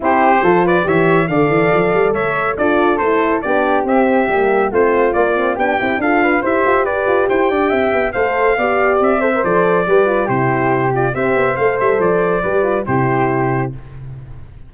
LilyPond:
<<
  \new Staff \with { instrumentName = "trumpet" } { \time 4/4 \tempo 4 = 140 c''4. d''8 e''4 f''4~ | f''4 e''4 d''4 c''4 | d''4 e''2 c''4 | d''4 g''4 f''4 e''4 |
d''4 g''2 f''4~ | f''4 e''4 d''2 | c''4. d''8 e''4 f''8 e''8 | d''2 c''2 | }
  \new Staff \with { instrumentName = "flute" } { \time 4/4 g'4 a'8 b'8 cis''4 d''4~ | d''4 cis''4 a'2 | g'2. f'4~ | f'4 g'4 a'8 b'8 c''4 |
b'4 c''8 d''8 e''4 c''4 | d''4. c''4. b'4 | g'2 c''2~ | c''4 b'4 g'2 | }
  \new Staff \with { instrumentName = "horn" } { \time 4/4 e'4 f'4 g'4 a'4~ | a'2 f'4 e'4 | d'4 c'4 ais4 c'4 | ais8 c'8 d'8 e'8 f'4 g'4~ |
g'2. a'4 | g'4. a'16 ais'16 a'4 g'8 f'8 | e'4. f'8 g'4 a'4~ | a'4 g'8 f'8 e'2 | }
  \new Staff \with { instrumentName = "tuba" } { \time 4/4 c'4 f4 e4 d8 e8 | f8 g8 a4 d'4 a4 | b4 c'4 g4 a4 | ais4 b8 c'8 d'4 e'8 f'8 |
g'8 f'8 e'8 d'8 c'8 b8 a4 | b4 c'4 f4 g4 | c2 c'8 b8 a8 g8 | f4 g4 c2 | }
>>